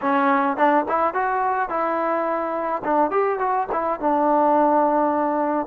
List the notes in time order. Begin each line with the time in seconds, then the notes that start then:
0.01 C#4
0.56 D4
0.88 E4
1.13 F#4
1.69 E4
2.84 D4
3.10 G4
3.38 F#4
3.72 E4
3.99 D4